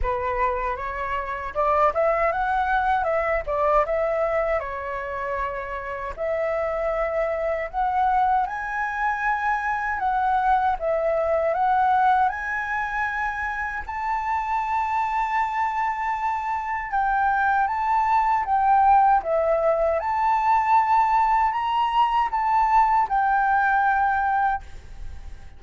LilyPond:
\new Staff \with { instrumentName = "flute" } { \time 4/4 \tempo 4 = 78 b'4 cis''4 d''8 e''8 fis''4 | e''8 d''8 e''4 cis''2 | e''2 fis''4 gis''4~ | gis''4 fis''4 e''4 fis''4 |
gis''2 a''2~ | a''2 g''4 a''4 | g''4 e''4 a''2 | ais''4 a''4 g''2 | }